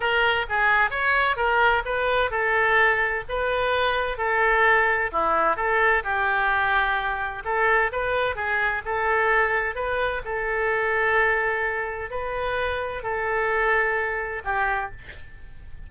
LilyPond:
\new Staff \with { instrumentName = "oboe" } { \time 4/4 \tempo 4 = 129 ais'4 gis'4 cis''4 ais'4 | b'4 a'2 b'4~ | b'4 a'2 e'4 | a'4 g'2. |
a'4 b'4 gis'4 a'4~ | a'4 b'4 a'2~ | a'2 b'2 | a'2. g'4 | }